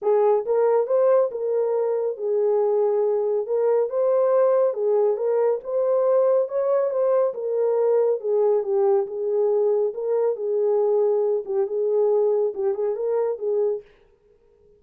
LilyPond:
\new Staff \with { instrumentName = "horn" } { \time 4/4 \tempo 4 = 139 gis'4 ais'4 c''4 ais'4~ | ais'4 gis'2. | ais'4 c''2 gis'4 | ais'4 c''2 cis''4 |
c''4 ais'2 gis'4 | g'4 gis'2 ais'4 | gis'2~ gis'8 g'8 gis'4~ | gis'4 g'8 gis'8 ais'4 gis'4 | }